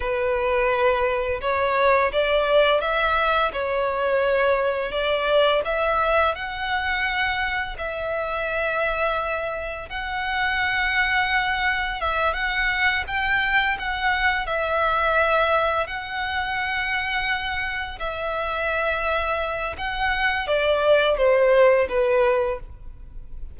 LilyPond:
\new Staff \with { instrumentName = "violin" } { \time 4/4 \tempo 4 = 85 b'2 cis''4 d''4 | e''4 cis''2 d''4 | e''4 fis''2 e''4~ | e''2 fis''2~ |
fis''4 e''8 fis''4 g''4 fis''8~ | fis''8 e''2 fis''4.~ | fis''4. e''2~ e''8 | fis''4 d''4 c''4 b'4 | }